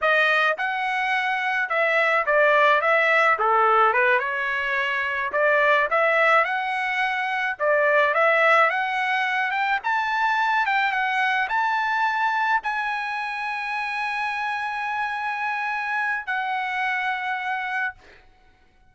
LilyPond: \new Staff \with { instrumentName = "trumpet" } { \time 4/4 \tempo 4 = 107 dis''4 fis''2 e''4 | d''4 e''4 a'4 b'8 cis''8~ | cis''4. d''4 e''4 fis''8~ | fis''4. d''4 e''4 fis''8~ |
fis''4 g''8 a''4. g''8 fis''8~ | fis''8 a''2 gis''4.~ | gis''1~ | gis''4 fis''2. | }